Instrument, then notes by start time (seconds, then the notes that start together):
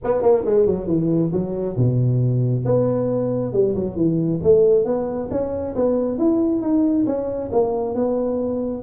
tuba
0.04 B3
0.21 A#3
0.45 G#3
0.66 F#3
0.87 E3
1.32 F#3
1.76 B2
2.65 B3
3.53 G3
3.75 F#3
3.96 E3
4.43 A3
4.84 B3
5.30 C#4
5.75 B3
6.18 E4
6.61 D#4
7.06 C#4
7.52 A#3
7.95 B3